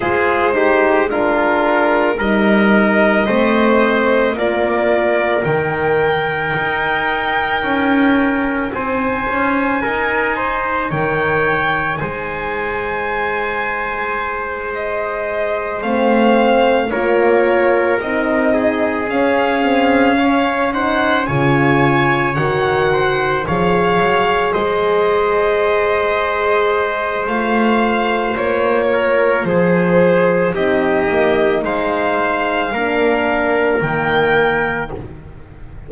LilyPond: <<
  \new Staff \with { instrumentName = "violin" } { \time 4/4 \tempo 4 = 55 c''4 ais'4 dis''2 | d''4 g''2. | gis''2 g''4 gis''4~ | gis''4. dis''4 f''4 cis''8~ |
cis''8 dis''4 f''4. fis''8 gis''8~ | gis''8 fis''4 f''4 dis''4.~ | dis''4 f''4 cis''4 c''4 | dis''4 f''2 g''4 | }
  \new Staff \with { instrumentName = "trumpet" } { \time 4/4 gis'8 g'8 f'4 ais'4 c''4 | ais'1 | c''4 ais'8 c''8 cis''4 c''4~ | c''2.~ c''8 ais'8~ |
ais'4 gis'4. cis''8 c''8 cis''8~ | cis''4 c''8 cis''4 c''4.~ | c''2~ c''8 ais'8 gis'4 | g'4 c''4 ais'2 | }
  \new Staff \with { instrumentName = "horn" } { \time 4/4 f'8 dis'8 d'4 dis'4 c'4 | f'4 dis'2.~ | dis'1~ | dis'2~ dis'8 c'4 f'8~ |
f'8 dis'4 cis'8 c'8 cis'8 dis'8 f'8~ | f'8 fis'4 gis'2~ gis'8~ | gis'4 f'2. | dis'2 d'4 ais4 | }
  \new Staff \with { instrumentName = "double bass" } { \time 4/4 gis2 g4 a4 | ais4 dis4 dis'4 cis'4 | c'8 cis'8 dis'4 dis4 gis4~ | gis2~ gis8 a4 ais8~ |
ais8 c'4 cis'2 cis8~ | cis8 dis4 f8 fis8 gis4.~ | gis4 a4 ais4 f4 | c'8 ais8 gis4 ais4 dis4 | }
>>